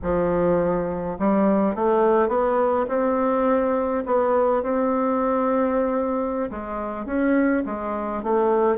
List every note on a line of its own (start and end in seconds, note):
0.02 1.17 F3
1.18 1.75 G3
1.75 2.28 A3
2.28 2.86 B3
2.88 4.04 C4
4.05 4.62 B3
4.62 6.50 C4
6.50 7.05 G#3
7.05 7.63 C#4
7.65 8.23 G#3
8.23 8.77 A3